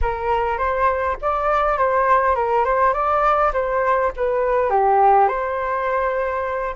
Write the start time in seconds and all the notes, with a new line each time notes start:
0.01 A#4
0.57 C5
1.21 D5
1.78 C5
2.35 A#4
2.64 C5
2.93 D5
3.53 C5
4.16 B4
4.70 G4
5.28 C5